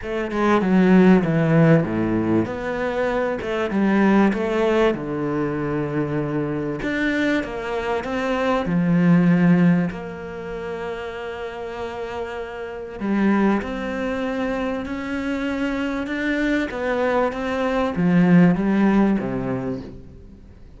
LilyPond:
\new Staff \with { instrumentName = "cello" } { \time 4/4 \tempo 4 = 97 a8 gis8 fis4 e4 a,4 | b4. a8 g4 a4 | d2. d'4 | ais4 c'4 f2 |
ais1~ | ais4 g4 c'2 | cis'2 d'4 b4 | c'4 f4 g4 c4 | }